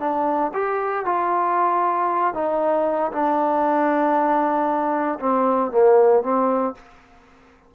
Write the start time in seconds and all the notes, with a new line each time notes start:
0.00 D4
0.54 G4
1.06 F4
2.34 D#4
3.12 D4
5.20 C4
5.71 A#3
6.23 C4